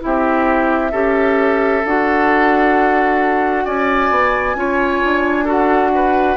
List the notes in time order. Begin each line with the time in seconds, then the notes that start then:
0.00 C4 E4 G4 E5
0.91 C#4 G4 A4
1.85 D4 F#4 F#5
3.65 C#4 D5 G#5
4.10 B3
4.55 C#4 F4 C#5
5.04 D4
5.45 F#4 A4 F#5
5.95 B4